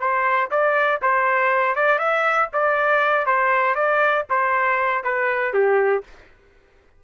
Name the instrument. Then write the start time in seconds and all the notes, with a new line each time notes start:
trumpet
0.00 C5
0.51 D5
1.02 C5
1.76 D5
1.99 E5
2.53 D5
3.26 C5
3.75 D5
4.30 C5
5.04 B4
5.54 G4